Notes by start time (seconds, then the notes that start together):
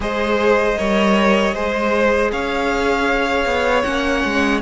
0.00 G#3 G#4 C5 D#5
0.76 G3 A#4 C#5
1.54 G#3 G#4 C5
2.31 C#4 C#5 F5
3.45 B3
3.83 A#3 C#4 F#5
4.24 G#3